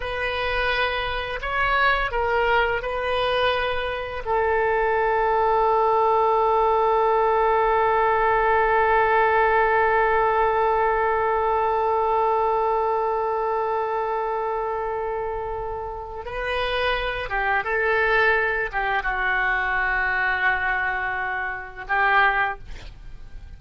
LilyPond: \new Staff \with { instrumentName = "oboe" } { \time 4/4 \tempo 4 = 85 b'2 cis''4 ais'4 | b'2 a'2~ | a'1~ | a'1~ |
a'1~ | a'2. b'4~ | b'8 g'8 a'4. g'8 fis'4~ | fis'2. g'4 | }